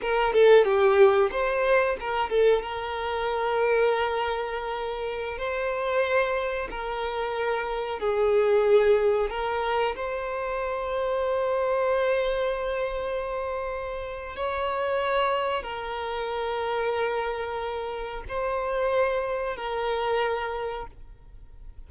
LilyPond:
\new Staff \with { instrumentName = "violin" } { \time 4/4 \tempo 4 = 92 ais'8 a'8 g'4 c''4 ais'8 a'8 | ais'1~ | ais'16 c''2 ais'4.~ ais'16~ | ais'16 gis'2 ais'4 c''8.~ |
c''1~ | c''2 cis''2 | ais'1 | c''2 ais'2 | }